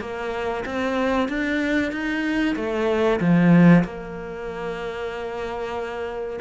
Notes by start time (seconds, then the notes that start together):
0.00 A#3
0.65 C4
1.28 D4
1.91 D#4
2.56 A3
3.20 F3
3.84 A#3